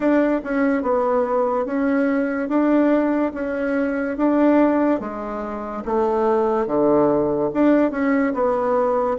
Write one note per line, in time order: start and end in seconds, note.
0.00 0.41 D4
0.44 0.82 C#4
0.82 1.65 B3
1.65 2.48 C#4
2.48 3.31 D4
3.34 4.17 C#4
4.17 5.00 D4
5.00 5.83 G#3
5.85 6.66 A3
6.66 7.50 D3
7.53 7.91 D4
7.91 8.33 C#4
8.33 9.17 B3